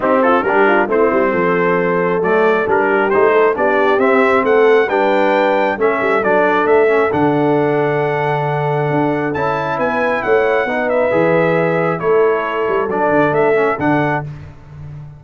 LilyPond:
<<
  \new Staff \with { instrumentName = "trumpet" } { \time 4/4 \tempo 4 = 135 g'8 a'8 ais'4 c''2~ | c''4 d''4 ais'4 c''4 | d''4 e''4 fis''4 g''4~ | g''4 e''4 d''4 e''4 |
fis''1~ | fis''4 a''4 gis''4 fis''4~ | fis''8 e''2~ e''8 cis''4~ | cis''4 d''4 e''4 fis''4 | }
  \new Staff \with { instrumentName = "horn" } { \time 4/4 dis'8 f'8 g'8 f'8 e'4 a'4~ | a'2~ a'8 g'4 a'8 | g'2 a'4 b'4~ | b'4 a'2.~ |
a'1~ | a'2 b'4 cis''4 | b'2. a'4~ | a'1 | }
  \new Staff \with { instrumentName = "trombone" } { \time 4/4 c'4 d'4 c'2~ | c'4 a4 d'4 dis'4 | d'4 c'2 d'4~ | d'4 cis'4 d'4. cis'8 |
d'1~ | d'4 e'2. | dis'4 gis'2 e'4~ | e'4 d'4. cis'8 d'4 | }
  \new Staff \with { instrumentName = "tuba" } { \time 4/4 c'4 g4 a8 g8 f4~ | f4 fis4 g4 a4 | b4 c'4 a4 g4~ | g4 a8 g8 fis4 a4 |
d1 | d'4 cis'4 b4 a4 | b4 e2 a4~ | a8 g8 fis8 d8 a4 d4 | }
>>